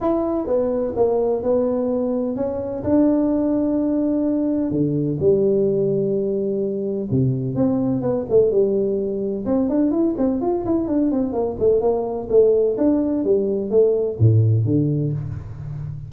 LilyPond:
\new Staff \with { instrumentName = "tuba" } { \time 4/4 \tempo 4 = 127 e'4 b4 ais4 b4~ | b4 cis'4 d'2~ | d'2 d4 g4~ | g2. c4 |
c'4 b8 a8 g2 | c'8 d'8 e'8 c'8 f'8 e'8 d'8 c'8 | ais8 a8 ais4 a4 d'4 | g4 a4 a,4 d4 | }